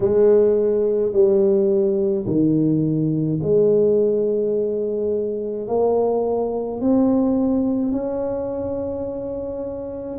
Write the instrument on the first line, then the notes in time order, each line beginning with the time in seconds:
tuba
0.00 G#3
1.12 G3
2.26 D#3
3.42 G#3
5.67 A#3
6.80 C4
7.92 C#4